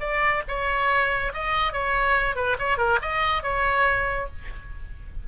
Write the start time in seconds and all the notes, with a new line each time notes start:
0.00 D5
0.48 C#5
1.34 D#5
1.73 C#5
2.35 B4
2.59 C#5
2.78 A#4
3.02 D#5
3.43 C#5